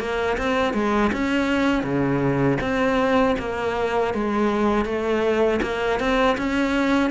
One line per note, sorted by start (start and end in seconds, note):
0.00 0.38 A#3
0.38 0.74 C4
0.74 1.11 G#3
1.12 1.83 C#4
1.83 2.58 C#3
2.61 3.36 C4
3.39 4.14 A#3
4.14 4.85 G#3
4.85 5.60 A3
5.62 6.00 A#3
6.00 6.37 C4
6.38 7.11 C#4